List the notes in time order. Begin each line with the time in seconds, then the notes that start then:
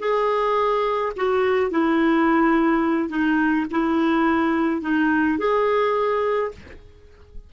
0.00 G#4
1.17 F#4
1.71 E4
3.10 D#4
3.71 E4
4.82 D#4
5.39 G#4